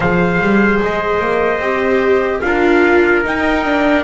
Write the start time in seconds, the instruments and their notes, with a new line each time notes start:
0.00 double bass F3, viola G#4, trumpet C5 F5
0.40 double bass G3
0.82 double bass G#3, trumpet D#5
1.19 double bass A#3
1.59 double bass C4, viola G4
2.41 double bass D4, viola F4, trumpet A#4 F5
3.24 viola D#4, double bass D#4, trumpet G5
3.64 viola D4